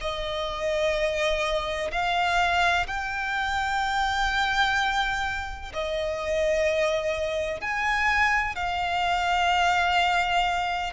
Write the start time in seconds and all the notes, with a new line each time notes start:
0.00 D#5
1.91 F5
2.87 G5
5.73 D#5
7.61 G#5
8.55 F5